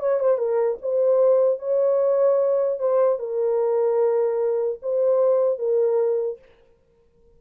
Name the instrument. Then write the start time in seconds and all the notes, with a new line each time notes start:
horn
0.00 C#5
0.20 C5
0.38 A#4
0.82 C5
1.59 C#5
2.79 C5
3.19 A#4
4.82 C5
5.59 A#4